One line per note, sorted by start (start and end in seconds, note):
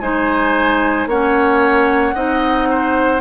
0.00 1.06 G#3
0.00 1.09 D#4
0.00 1.08 C5
0.00 1.07 G#5
1.06 2.13 A#3
1.06 2.15 C#4
1.06 2.15 C#5
1.06 3.21 F#5
2.15 3.21 C4
2.15 3.21 D#4
2.15 2.68 D#5
2.70 3.21 C5